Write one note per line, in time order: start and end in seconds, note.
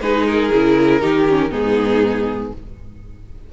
0.00 0.51 G#3
0.00 0.52 D#4
0.00 1.01 G#4
0.00 0.26 B4
0.27 1.51 A#4
0.52 1.02 C#3
0.52 1.01 E4
1.01 1.51 D#3
1.01 1.26 D#4
1.01 1.51 G4
1.29 1.51 C#4
1.51 2.53 G#2
1.51 2.52 B3
1.51 2.53 D#4
1.51 2.53 G#4